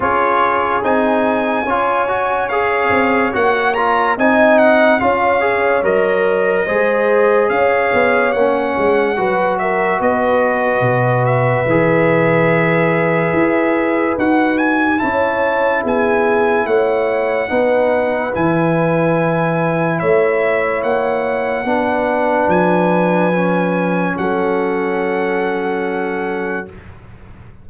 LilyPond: <<
  \new Staff \with { instrumentName = "trumpet" } { \time 4/4 \tempo 4 = 72 cis''4 gis''2 f''4 | fis''8 ais''8 gis''8 fis''8 f''4 dis''4~ | dis''4 f''4 fis''4. e''8 | dis''4. e''2~ e''8~ |
e''4 fis''8 gis''8 a''4 gis''4 | fis''2 gis''2 | e''4 fis''2 gis''4~ | gis''4 fis''2. | }
  \new Staff \with { instrumentName = "horn" } { \time 4/4 gis'2 cis''2~ | cis''4 dis''4 cis''2 | c''4 cis''2 b'8 ais'8 | b'1~ |
b'2 cis''4 gis'4 | cis''4 b'2. | cis''2 b'2~ | b'4 a'2. | }
  \new Staff \with { instrumentName = "trombone" } { \time 4/4 f'4 dis'4 f'8 fis'8 gis'4 | fis'8 f'8 dis'4 f'8 gis'8 ais'4 | gis'2 cis'4 fis'4~ | fis'2 gis'2~ |
gis'4 fis'4 e'2~ | e'4 dis'4 e'2~ | e'2 d'2 | cis'1 | }
  \new Staff \with { instrumentName = "tuba" } { \time 4/4 cis'4 c'4 cis'4. c'8 | ais4 c'4 cis'4 fis4 | gis4 cis'8 b8 ais8 gis8 fis4 | b4 b,4 e2 |
e'4 dis'4 cis'4 b4 | a4 b4 e2 | a4 ais4 b4 f4~ | f4 fis2. | }
>>